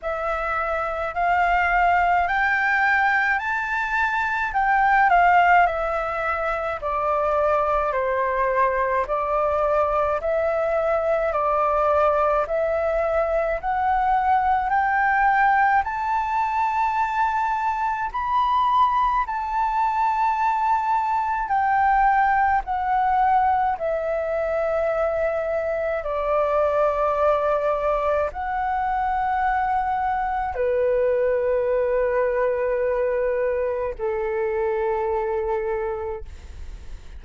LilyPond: \new Staff \with { instrumentName = "flute" } { \time 4/4 \tempo 4 = 53 e''4 f''4 g''4 a''4 | g''8 f''8 e''4 d''4 c''4 | d''4 e''4 d''4 e''4 | fis''4 g''4 a''2 |
b''4 a''2 g''4 | fis''4 e''2 d''4~ | d''4 fis''2 b'4~ | b'2 a'2 | }